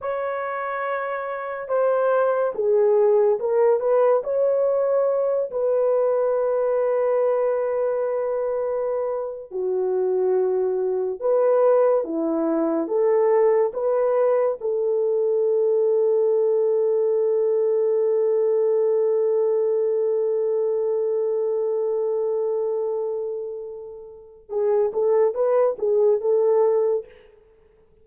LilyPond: \new Staff \with { instrumentName = "horn" } { \time 4/4 \tempo 4 = 71 cis''2 c''4 gis'4 | ais'8 b'8 cis''4. b'4.~ | b'2.~ b'16 fis'8.~ | fis'4~ fis'16 b'4 e'4 a'8.~ |
a'16 b'4 a'2~ a'8.~ | a'1~ | a'1~ | a'4 gis'8 a'8 b'8 gis'8 a'4 | }